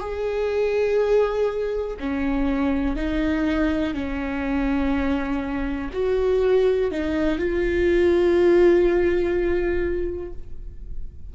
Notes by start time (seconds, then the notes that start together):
0.00 G#4
1.99 C#4
2.96 D#4
3.94 C#4
5.93 F#4
6.91 D#4
7.38 F4